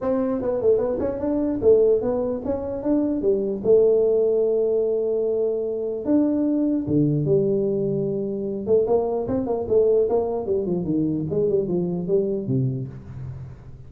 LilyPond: \new Staff \with { instrumentName = "tuba" } { \time 4/4 \tempo 4 = 149 c'4 b8 a8 b8 cis'8 d'4 | a4 b4 cis'4 d'4 | g4 a2.~ | a2. d'4~ |
d'4 d4 g2~ | g4. a8 ais4 c'8 ais8 | a4 ais4 g8 f8 dis4 | gis8 g8 f4 g4 c4 | }